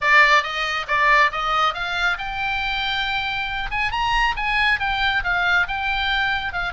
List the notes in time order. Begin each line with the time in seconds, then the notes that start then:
0.01 D5
0.43 D#5
0.87 D5
1.31 D#5
1.74 F5
2.18 G5
3.71 G#5
3.91 A#5
4.36 G#5
4.79 G5
5.23 F5
5.67 G5
6.52 F5